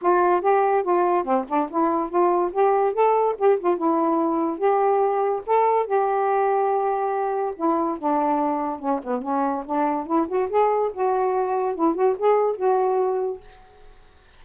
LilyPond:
\new Staff \with { instrumentName = "saxophone" } { \time 4/4 \tempo 4 = 143 f'4 g'4 f'4 c'8 d'8 | e'4 f'4 g'4 a'4 | g'8 f'8 e'2 g'4~ | g'4 a'4 g'2~ |
g'2 e'4 d'4~ | d'4 cis'8 b8 cis'4 d'4 | e'8 fis'8 gis'4 fis'2 | e'8 fis'8 gis'4 fis'2 | }